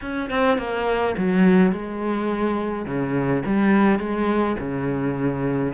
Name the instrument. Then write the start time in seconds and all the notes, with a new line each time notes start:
cello
0.01 C#4
0.30 C4
0.57 A#3
1.17 F#3
1.71 G#3
2.85 C#3
3.45 G3
3.99 G#3
4.58 C#3